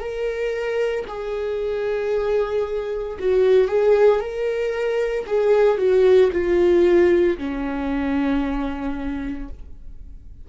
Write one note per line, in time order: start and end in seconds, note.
0.00 1.05 A#4
1.08 3.18 G#4
3.19 3.68 F#4
3.68 4.20 G#4
4.20 5.25 A#4
5.27 5.78 G#4
5.78 6.31 F#4
6.32 7.37 F4
7.38 9.48 C#4